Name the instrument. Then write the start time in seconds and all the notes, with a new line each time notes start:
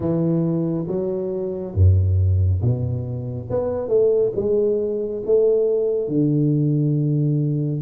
tuba
0.00 E3
0.87 F#3
1.74 F#2
2.61 B2
3.50 B3
3.88 A3
4.35 G#3
5.25 A3
6.08 D3